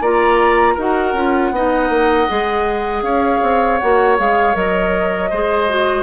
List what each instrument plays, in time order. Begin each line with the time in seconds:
0.00 bassoon A#3, clarinet F4, oboe D5, flute A#5
0.74 bassoon D#4, clarinet F#4, oboe A#4, flute F#5
1.13 bassoon C#4, clarinet F4
1.51 bassoon B3, clarinet D#4, oboe D#5
1.89 bassoon A#3
2.28 bassoon G#3, clarinet G#4
3.02 bassoon C#4, oboe C#5, flute F5
3.42 bassoon C4
3.78 bassoon A#3, clarinet F#4, flute F#5
4.17 bassoon G#3, clarinet G#4, flute F5
4.54 bassoon F#3, clarinet A#4, flute D#5
5.30 bassoon G#3, clarinet G#4, oboe C5
5.68 clarinet F#4